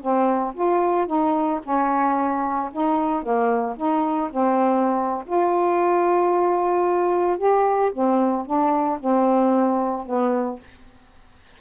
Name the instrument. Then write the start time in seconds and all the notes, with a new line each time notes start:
saxophone
0.00 C4
0.54 F4
1.06 D#4
1.63 C#4
2.72 D#4
3.22 A#3
3.76 D#4
4.30 C4
5.26 F4
7.37 G4
7.93 C4
8.45 D4
9.00 C4
10.05 B3